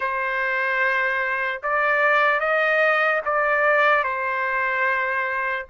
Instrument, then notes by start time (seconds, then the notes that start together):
trumpet
0.00 C5
1.62 D5
2.40 D#5
3.25 D5
4.03 C5